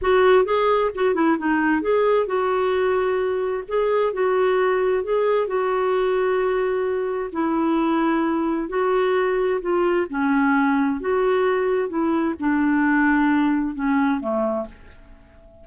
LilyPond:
\new Staff \with { instrumentName = "clarinet" } { \time 4/4 \tempo 4 = 131 fis'4 gis'4 fis'8 e'8 dis'4 | gis'4 fis'2. | gis'4 fis'2 gis'4 | fis'1 |
e'2. fis'4~ | fis'4 f'4 cis'2 | fis'2 e'4 d'4~ | d'2 cis'4 a4 | }